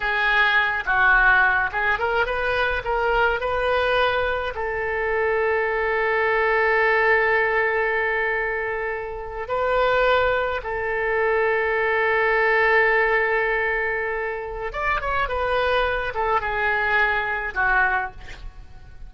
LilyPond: \new Staff \with { instrumentName = "oboe" } { \time 4/4 \tempo 4 = 106 gis'4. fis'4. gis'8 ais'8 | b'4 ais'4 b'2 | a'1~ | a'1~ |
a'8. b'2 a'4~ a'16~ | a'1~ | a'2 d''8 cis''8 b'4~ | b'8 a'8 gis'2 fis'4 | }